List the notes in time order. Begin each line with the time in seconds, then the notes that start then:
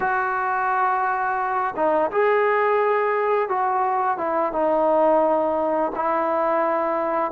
0.00 F#4
1.75 D#4
2.11 G#4
3.48 F#4
4.17 E4
4.52 D#4
5.95 E4